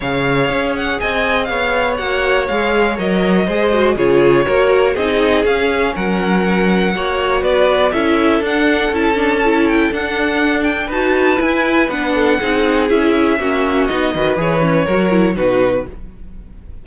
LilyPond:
<<
  \new Staff \with { instrumentName = "violin" } { \time 4/4 \tempo 4 = 121 f''4. fis''8 gis''4 f''4 | fis''4 f''4 dis''2 | cis''2 dis''4 f''4 | fis''2. d''4 |
e''4 fis''4 a''4. g''8 | fis''4. g''8 a''4 gis''4 | fis''2 e''2 | dis''4 cis''2 b'4 | }
  \new Staff \with { instrumentName = "violin" } { \time 4/4 cis''2 dis''4 cis''4~ | cis''2. c''4 | gis'4 ais'4 gis'2 | ais'2 cis''4 b'4 |
a'1~ | a'2 b'2~ | b'8 a'8 gis'2 fis'4~ | fis'8 b'4. ais'4 fis'4 | }
  \new Staff \with { instrumentName = "viola" } { \time 4/4 gis'1 | fis'4 gis'4 ais'4 gis'8 fis'8 | f'4 fis'4 dis'4 cis'4~ | cis'2 fis'2 |
e'4 d'4 e'8 d'8 e'4 | d'2 fis'4 e'4 | d'4 dis'4 e'4 cis'4 | dis'8 fis'8 gis'8 cis'8 fis'8 e'8 dis'4 | }
  \new Staff \with { instrumentName = "cello" } { \time 4/4 cis4 cis'4 c'4 b4 | ais4 gis4 fis4 gis4 | cis4 ais4 c'4 cis'4 | fis2 ais4 b4 |
cis'4 d'4 cis'2 | d'2 dis'4 e'4 | b4 c'4 cis'4 ais4 | b8 dis8 e4 fis4 b,4 | }
>>